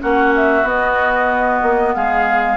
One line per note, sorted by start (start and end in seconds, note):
0.00 0.64 A#3
0.00 0.65 C#4
0.00 1.96 F#4
0.00 0.34 F#5
0.36 0.68 E5
0.64 1.60 B3
0.64 2.58 B3
0.64 1.95 D#5
1.63 1.95 A#3
1.95 2.58 G#3
1.95 2.58 G#4
1.95 2.58 F5